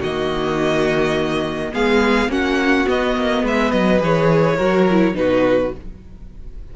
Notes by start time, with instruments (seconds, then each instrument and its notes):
0.00 cello D#3, viola A#3, violin F#4 D#5
1.73 cello G#3, viola B3, violin G#4 F5
2.28 cello A#3, viola C#4, violin F#4 F#5
2.87 viola B3, cello B3, violin D#5
3.17 cello A#3
3.43 cello G#3, violin B4 E5
3.72 cello F#3, violin D#5
3.99 cello E3, viola G#4, violin C#5
4.57 cello F#3, viola F#4, violin A#4
4.91 viola E4
5.14 cello B2, viola D#4, violin F#4 B4